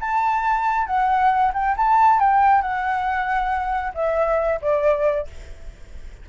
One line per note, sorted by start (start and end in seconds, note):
0.00 0.86 A5
0.86 1.52 F#5
1.53 1.75 G5
1.76 2.19 A5
2.19 2.61 G5
2.61 3.93 F#5
3.94 4.60 E5
4.61 5.27 D5